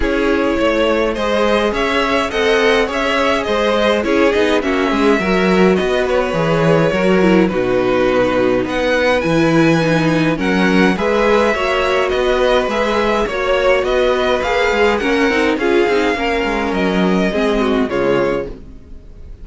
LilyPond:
<<
  \new Staff \with { instrumentName = "violin" } { \time 4/4 \tempo 4 = 104 cis''2 dis''4 e''4 | fis''4 e''4 dis''4 cis''8 dis''8 | e''2 dis''8 cis''4.~ | cis''4 b'2 fis''4 |
gis''2 fis''4 e''4~ | e''4 dis''4 e''4 cis''4 | dis''4 f''4 fis''4 f''4~ | f''4 dis''2 cis''4 | }
  \new Staff \with { instrumentName = "violin" } { \time 4/4 gis'4 cis''4 c''4 cis''4 | dis''4 cis''4 c''4 gis'4 | fis'8 gis'8 ais'4 b'2 | ais'4 fis'2 b'4~ |
b'2 ais'4 b'4 | cis''4 b'2 cis''4 | b'2 ais'4 gis'4 | ais'2 gis'8 fis'8 f'4 | }
  \new Staff \with { instrumentName = "viola" } { \time 4/4 e'2 gis'2 | a'4 gis'2 e'8 dis'8 | cis'4 fis'2 gis'4 | fis'8 e'8 dis'2. |
e'4 dis'4 cis'4 gis'4 | fis'2 gis'4 fis'4~ | fis'4 gis'4 cis'8 dis'8 f'8 dis'8 | cis'2 c'4 gis4 | }
  \new Staff \with { instrumentName = "cello" } { \time 4/4 cis'4 a4 gis4 cis'4 | c'4 cis'4 gis4 cis'8 b8 | ais8 gis8 fis4 b4 e4 | fis4 b,2 b4 |
e2 fis4 gis4 | ais4 b4 gis4 ais4 | b4 ais8 gis8 ais8 c'8 cis'8 c'8 | ais8 gis8 fis4 gis4 cis4 | }
>>